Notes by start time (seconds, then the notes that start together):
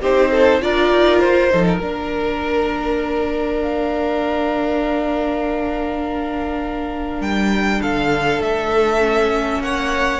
0.00 C4 D#4 G4 C5
0.30 A4
0.61 D4 F4 A#4 D5
0.92 D#4
1.20 F4 C5
1.50 F3 D#4 A4
1.67 A#4
1.79 A#3 D4 A#4
3.61 F5
7.20 G3 G5
7.81 D3 A4 F5
8.39 A3 E5
8.98 C#4
9.58 A#3 C#5 F#5